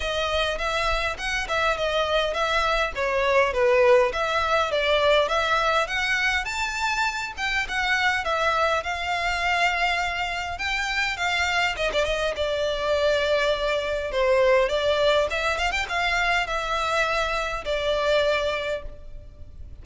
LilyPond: \new Staff \with { instrumentName = "violin" } { \time 4/4 \tempo 4 = 102 dis''4 e''4 fis''8 e''8 dis''4 | e''4 cis''4 b'4 e''4 | d''4 e''4 fis''4 a''4~ | a''8 g''8 fis''4 e''4 f''4~ |
f''2 g''4 f''4 | dis''16 d''16 dis''8 d''2. | c''4 d''4 e''8 f''16 g''16 f''4 | e''2 d''2 | }